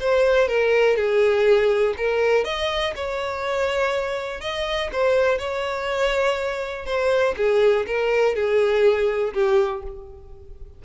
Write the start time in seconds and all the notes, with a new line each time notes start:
0.00 C5
0.48 A#4
0.96 G#4
1.97 A#4
2.44 D#5
2.95 C#5
4.41 D#5
4.92 C5
5.38 C#5
6.86 C5
7.37 G#4
7.87 A#4
8.35 G#4
9.34 G4